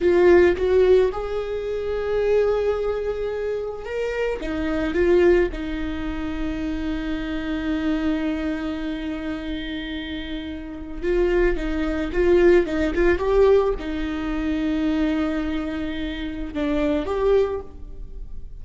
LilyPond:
\new Staff \with { instrumentName = "viola" } { \time 4/4 \tempo 4 = 109 f'4 fis'4 gis'2~ | gis'2. ais'4 | dis'4 f'4 dis'2~ | dis'1~ |
dis'1 | f'4 dis'4 f'4 dis'8 f'8 | g'4 dis'2.~ | dis'2 d'4 g'4 | }